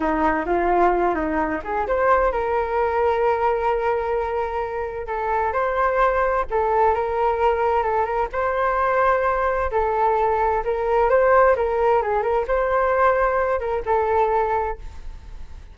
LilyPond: \new Staff \with { instrumentName = "flute" } { \time 4/4 \tempo 4 = 130 dis'4 f'4. dis'4 gis'8 | c''4 ais'2.~ | ais'2. a'4 | c''2 a'4 ais'4~ |
ais'4 a'8 ais'8 c''2~ | c''4 a'2 ais'4 | c''4 ais'4 gis'8 ais'8 c''4~ | c''4. ais'8 a'2 | }